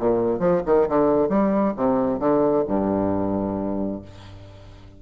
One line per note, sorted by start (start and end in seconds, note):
0.00 0.40 A#2
0.40 0.62 F3
0.66 0.88 D#3
0.89 1.29 D3
1.29 1.74 G3
1.76 2.19 C3
2.19 2.64 D3
2.67 4.02 G2